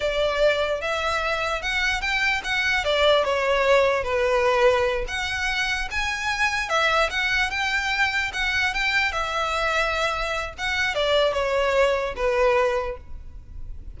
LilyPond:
\new Staff \with { instrumentName = "violin" } { \time 4/4 \tempo 4 = 148 d''2 e''2 | fis''4 g''4 fis''4 d''4 | cis''2 b'2~ | b'8 fis''2 gis''4.~ |
gis''8 e''4 fis''4 g''4.~ | g''8 fis''4 g''4 e''4.~ | e''2 fis''4 d''4 | cis''2 b'2 | }